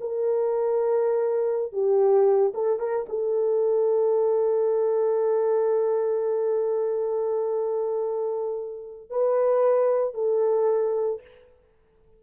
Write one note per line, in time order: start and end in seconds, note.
0.00 1.72 A#4
1.72 2.52 G4
2.54 2.79 A4
2.79 3.06 A#4
3.08 9.09 A4
9.09 10.14 B4
10.14 11.21 A4